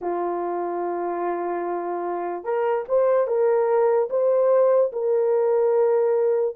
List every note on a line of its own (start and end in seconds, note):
0.01 2.44 F4
2.44 2.84 A#4
2.88 3.27 C5
3.27 4.08 A#4
4.09 4.91 C5
4.92 6.55 A#4